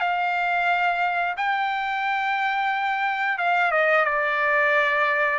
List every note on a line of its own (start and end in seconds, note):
0.00 1.35 F5
1.37 3.38 G5
3.38 3.71 F5
3.71 4.05 D#5
4.05 5.38 D5